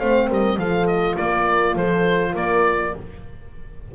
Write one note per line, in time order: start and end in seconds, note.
0.00 0.30 A3
0.00 0.59 C4
0.00 0.28 C5
0.00 0.29 F5
0.28 0.58 G3
0.28 0.58 A#4
0.28 0.60 D#5
0.58 1.16 F3
0.58 2.94 F4
0.58 1.18 A4
0.58 0.87 F5
0.87 1.17 D#5
1.17 1.76 A#3
1.17 1.77 A#4
1.17 1.76 D5
1.76 2.35 F3
1.76 2.32 A4
1.76 2.36 C5
2.32 2.94 A#3
2.32 2.91 A#4
2.32 2.95 D5